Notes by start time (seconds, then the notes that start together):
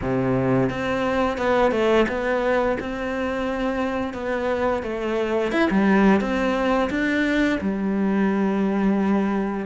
0.01 C3
0.69 C4
1.37 B3
1.71 A3
2.08 B3
2.79 C4
4.13 B3
4.82 A3
5.52 E4
5.70 G3
6.20 C4
6.90 D4
7.61 G3